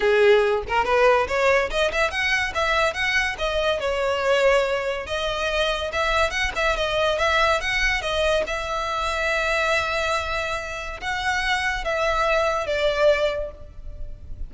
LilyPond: \new Staff \with { instrumentName = "violin" } { \time 4/4 \tempo 4 = 142 gis'4. ais'8 b'4 cis''4 | dis''8 e''8 fis''4 e''4 fis''4 | dis''4 cis''2. | dis''2 e''4 fis''8 e''8 |
dis''4 e''4 fis''4 dis''4 | e''1~ | e''2 fis''2 | e''2 d''2 | }